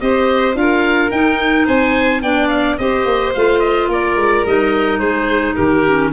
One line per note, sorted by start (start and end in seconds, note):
0.00 0.54 C4
0.00 0.54 G4
0.00 0.58 C5
0.00 0.56 D#5
0.54 1.10 D4
0.54 1.10 F4
0.54 1.65 A#4
0.54 1.11 F5
1.11 1.67 D#4
1.11 2.23 D#4
1.11 1.66 G5
1.65 2.22 C4
1.65 2.21 C5
1.65 2.22 G#5
2.22 2.78 B3
2.22 2.78 D4
2.22 2.78 D5
2.22 2.48 G5
2.48 2.76 F5
2.78 3.05 C4
2.78 3.34 G4
2.78 3.89 C5
2.78 3.33 D#5
3.05 3.32 A#3
3.34 3.88 A3
3.34 4.46 F4
3.34 3.59 F5
3.59 3.87 D#5
3.88 4.15 A#3
3.88 5.00 A#4
3.88 4.46 D5
4.15 4.43 G#3
4.45 5.00 G3
4.45 5.85 D#4
4.45 4.99 D#5
4.99 5.55 G#3
4.99 5.55 G#4
4.99 5.54 C5
5.55 6.12 D#3
5.55 6.11 G4
5.55 6.11 A#4
5.86 6.12 C#4